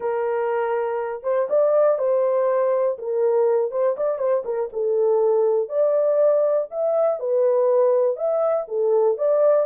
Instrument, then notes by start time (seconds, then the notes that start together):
horn
0.00 A#4
1.23 C5
1.49 D5
1.98 C5
2.98 A#4
3.71 C5
3.96 D5
4.18 C5
4.44 A#4
4.72 A4
5.68 D5
6.71 E5
7.19 B4
8.16 E5
8.68 A4
9.17 D5